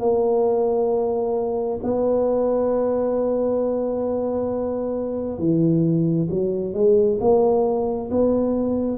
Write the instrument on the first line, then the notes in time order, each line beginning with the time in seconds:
tuba
0.00 A#3
1.84 B3
5.39 E3
6.30 F#3
6.74 G#3
7.20 A#3
8.11 B3